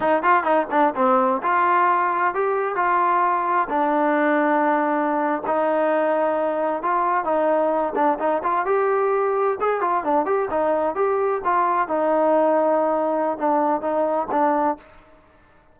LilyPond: \new Staff \with { instrumentName = "trombone" } { \time 4/4 \tempo 4 = 130 dis'8 f'8 dis'8 d'8 c'4 f'4~ | f'4 g'4 f'2 | d'2.~ d'8. dis'16~ | dis'2~ dis'8. f'4 dis'16~ |
dis'4~ dis'16 d'8 dis'8 f'8 g'4~ g'16~ | g'8. gis'8 f'8 d'8 g'8 dis'4 g'16~ | g'8. f'4 dis'2~ dis'16~ | dis'4 d'4 dis'4 d'4 | }